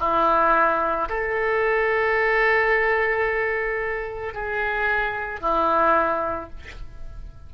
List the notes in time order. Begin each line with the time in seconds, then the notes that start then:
0.00 E4
1.09 A4
4.34 G#4
5.41 E4